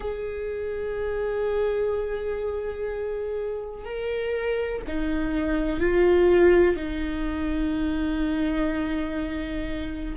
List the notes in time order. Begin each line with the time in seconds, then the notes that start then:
0.00 G#4
3.84 A#4
4.87 D#4
5.80 F4
6.76 D#4